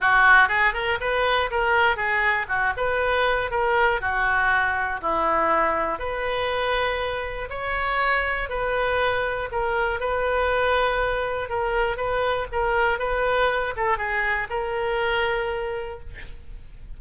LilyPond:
\new Staff \with { instrumentName = "oboe" } { \time 4/4 \tempo 4 = 120 fis'4 gis'8 ais'8 b'4 ais'4 | gis'4 fis'8 b'4. ais'4 | fis'2 e'2 | b'2. cis''4~ |
cis''4 b'2 ais'4 | b'2. ais'4 | b'4 ais'4 b'4. a'8 | gis'4 ais'2. | }